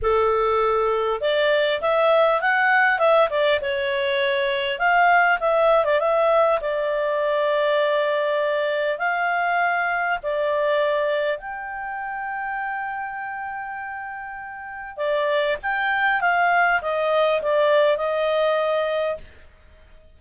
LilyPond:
\new Staff \with { instrumentName = "clarinet" } { \time 4/4 \tempo 4 = 100 a'2 d''4 e''4 | fis''4 e''8 d''8 cis''2 | f''4 e''8. d''16 e''4 d''4~ | d''2. f''4~ |
f''4 d''2 g''4~ | g''1~ | g''4 d''4 g''4 f''4 | dis''4 d''4 dis''2 | }